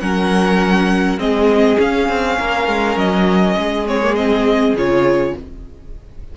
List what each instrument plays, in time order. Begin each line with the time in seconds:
0.00 cello F#3, viola C#4, violin A#4 F#5
1.18 cello G#3, viola C4, violin G#4 D#5
1.77 viola C#4, cello C#4, violin F5
2.09 cello C4
2.38 cello A#3, violin A#4
2.67 cello G#3
2.96 cello F#3, violin D#5
3.57 cello G#3, violin G#4
3.86 viola C4, violin C#5
4.02 viola A#3
4.15 viola C4, violin D#5
4.74 cello C#3, viola F4, violin C#5